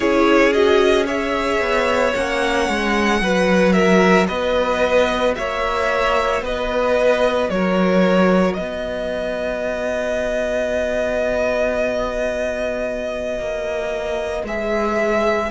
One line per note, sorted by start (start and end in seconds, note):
0.00 1.60 C#4
0.00 0.52 E4
0.00 1.05 G#4
0.00 0.52 C#5
0.52 1.06 F#4
0.52 1.06 D#5
1.05 2.13 G#4
1.05 3.19 C#5
1.05 2.14 E5
1.60 2.13 B3
2.14 2.68 A#3
2.14 3.20 C#4
2.14 3.72 F#5
2.68 3.21 G#3
3.20 4.28 F#3
3.20 14.45 F#4
3.20 3.73 B4
3.72 4.26 A#4
3.72 4.26 E5
4.27 5.36 B3
4.27 5.34 B4
4.27 5.34 D#5
5.35 6.41 A#3
5.35 6.43 C#5
5.35 6.42 E5
6.41 7.48 B3
6.41 7.50 B4
6.41 7.49 D#5
7.49 8.57 F#3
7.49 8.58 A#4
7.49 8.54 C#5
8.54 13.38 B3
8.54 15.51 B4
8.54 14.43 D#5
13.38 14.43 A#3
14.43 15.50 G#3
14.43 15.51 G#4
14.43 15.51 E5